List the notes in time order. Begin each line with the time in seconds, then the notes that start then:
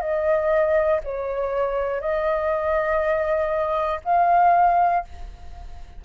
0.00 D#5
1.04 C#5
2.00 D#5
4.05 F5